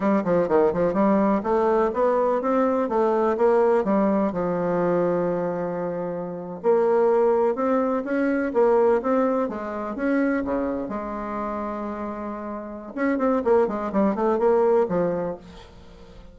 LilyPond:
\new Staff \with { instrumentName = "bassoon" } { \time 4/4 \tempo 4 = 125 g8 f8 dis8 f8 g4 a4 | b4 c'4 a4 ais4 | g4 f2.~ | f4.~ f16 ais2 c'16~ |
c'8. cis'4 ais4 c'4 gis16~ | gis8. cis'4 cis4 gis4~ gis16~ | gis2. cis'8 c'8 | ais8 gis8 g8 a8 ais4 f4 | }